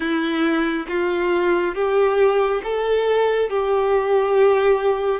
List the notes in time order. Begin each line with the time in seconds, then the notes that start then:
0.00 E4
0.87 F4
1.74 G4
2.63 A4
3.49 G4